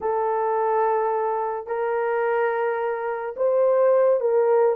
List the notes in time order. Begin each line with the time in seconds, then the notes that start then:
0.00 A4
1.66 A#4
3.36 C5
4.20 A#4